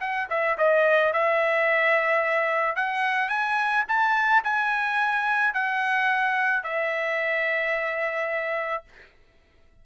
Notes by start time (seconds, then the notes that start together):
0.00 F#5
0.29 E5
0.58 D#5
1.13 E5
2.75 F#5
3.29 G#5
3.88 A5
4.43 G#5
5.54 F#5
6.63 E5